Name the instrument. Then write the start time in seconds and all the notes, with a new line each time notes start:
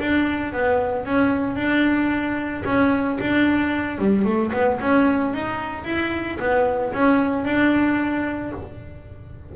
double bass
0.00 D4
0.53 B3
1.05 C#4
1.56 D4
2.65 C#4
3.20 D4
3.98 G3
4.25 A3
4.53 B3
4.80 C#4
5.34 D#4
5.85 E4
6.39 B3
6.93 C#4
7.45 D4